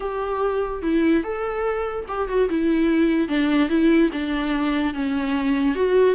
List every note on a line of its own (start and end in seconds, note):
0.00 0.82 G4
0.82 1.23 E4
1.23 2.05 A4
2.08 2.28 G4
2.28 2.49 F#4
2.49 3.28 E4
3.28 3.69 D4
3.69 4.10 E4
4.12 4.94 D4
4.94 5.75 C#4
5.75 6.15 F#4